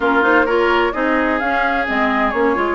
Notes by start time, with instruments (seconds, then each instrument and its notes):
0.00 bassoon A#3, clarinet C#4, oboe F4, flute A#4
0.22 clarinet D#4, flute C5
0.45 clarinet F4, oboe A#4, flute C#5
0.92 bassoon C4, clarinet D#4, oboe G#4, flute D#5
1.39 bassoon C#4, clarinet C#4, flute F5
1.86 bassoon G#3, clarinet C4, flute D#5
2.30 bassoon A#3, clarinet C#4, flute C#5
2.55 bassoon G#3, clarinet F4